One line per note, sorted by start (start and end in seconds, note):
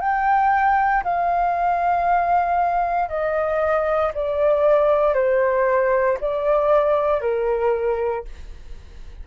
0.00 1.03 G5
1.04 3.09 F5
3.09 4.12 D#5
4.14 5.14 D5
5.14 6.18 C5
6.21 7.21 D5
7.21 8.24 A#4